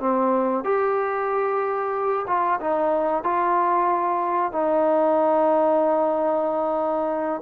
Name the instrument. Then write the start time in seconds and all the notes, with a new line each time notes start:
trombone
0.00 C4
0.65 G4
2.28 F4
2.61 D#4
3.23 F4
4.52 D#4